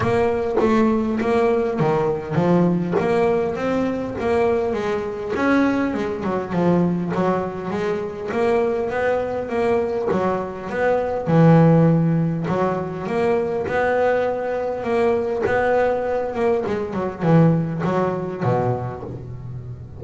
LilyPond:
\new Staff \with { instrumentName = "double bass" } { \time 4/4 \tempo 4 = 101 ais4 a4 ais4 dis4 | f4 ais4 c'4 ais4 | gis4 cis'4 gis8 fis8 f4 | fis4 gis4 ais4 b4 |
ais4 fis4 b4 e4~ | e4 fis4 ais4 b4~ | b4 ais4 b4. ais8 | gis8 fis8 e4 fis4 b,4 | }